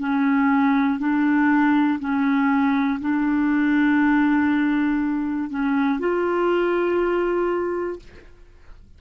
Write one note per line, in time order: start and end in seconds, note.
0.00 1.00 C#4
1.00 2.00 D4
2.00 3.00 C#4
3.01 5.50 D4
5.50 6.00 C#4
6.00 8.00 F4